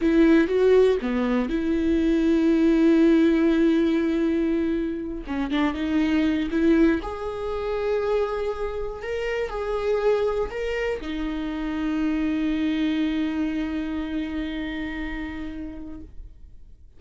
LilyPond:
\new Staff \with { instrumentName = "viola" } { \time 4/4 \tempo 4 = 120 e'4 fis'4 b4 e'4~ | e'1~ | e'2~ e'8 cis'8 d'8 dis'8~ | dis'4 e'4 gis'2~ |
gis'2 ais'4 gis'4~ | gis'4 ais'4 dis'2~ | dis'1~ | dis'1 | }